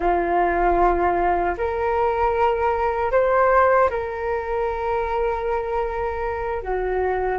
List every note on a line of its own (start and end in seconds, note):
0.00 1.56 F4
1.57 3.11 A#4
3.11 3.89 C5
3.90 6.62 A#4
6.62 7.38 F#4